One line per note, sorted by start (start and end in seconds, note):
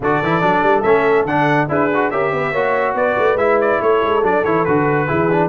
0.00 0.21 D3
0.00 0.24 F#4
0.00 1.69 A4
0.00 0.82 D5
0.22 0.43 E3
0.22 0.41 E4
0.41 0.62 F#3
0.41 0.83 D4
0.62 0.83 G3
0.82 1.25 A3
0.82 1.27 C#4
0.82 1.24 E5
1.25 1.67 D3
1.25 1.68 D4
1.25 1.68 F#5
1.68 2.10 D4
1.68 1.90 E4
1.68 2.11 G#4
1.68 2.10 B4
1.94 2.12 F#4
2.10 2.32 C#4
2.10 2.54 G4
2.10 2.32 A#4
2.10 2.95 E5
2.32 2.52 B3
2.32 2.52 B4
2.52 2.94 A#3
2.52 3.38 F#4
2.52 2.94 C#5
2.94 3.15 B3
2.94 3.82 B4
2.94 3.37 D5
3.17 3.35 A3
3.35 3.77 G#3
3.35 4.22 E4
3.35 3.58 E5
3.60 3.81 D5
3.81 4.02 A3
3.81 5.07 A4
3.81 4.24 C#5
4.03 4.22 G#3
4.22 4.43 F#3
4.22 4.44 D4
4.22 4.44 D5
4.44 4.65 E3
4.44 4.65 E4
4.44 4.65 C#5
4.65 5.09 D3
4.65 5.07 F#4
4.65 5.49 B4
5.07 5.49 E3
5.07 5.29 E4
5.07 5.49 G#4
5.31 5.49 D4